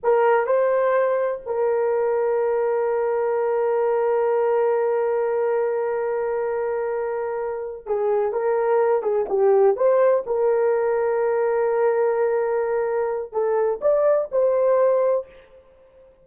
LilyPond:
\new Staff \with { instrumentName = "horn" } { \time 4/4 \tempo 4 = 126 ais'4 c''2 ais'4~ | ais'1~ | ais'1~ | ais'1~ |
ais'8 gis'4 ais'4. gis'8 g'8~ | g'8 c''4 ais'2~ ais'8~ | ais'1 | a'4 d''4 c''2 | }